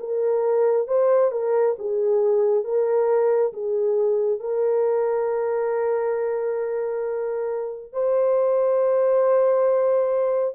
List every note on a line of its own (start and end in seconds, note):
0.00 0.88 A#4
0.88 1.32 C5
1.32 1.76 A#4
1.79 2.65 G#4
2.65 3.53 A#4
3.53 4.40 G#4
4.40 7.93 A#4
7.93 10.55 C5